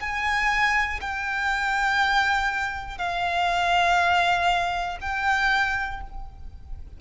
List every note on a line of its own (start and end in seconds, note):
0.00 1.00 G#5
1.01 2.98 G5
2.98 4.98 F5
5.01 6.01 G5